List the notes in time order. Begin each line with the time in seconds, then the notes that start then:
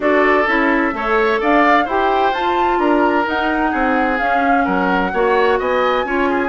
0.00 D4 F#4 A4 D5
0.47 C#4 E4 E5
0.92 A3 A4 C#5
1.40 D4 D5 F5
1.85 E4 G4 C5 G5
2.31 F4 A5
2.78 D4 A#4 A#5
3.24 D#4 F#5
3.70 C4 G#4
4.18 C#4 F5
4.64 F#3 A#4 F#5
5.13 A#3 F#4 C#5
5.59 B3 D#5 G#5
6.04 C#4 F4 C#5
6.29 G#4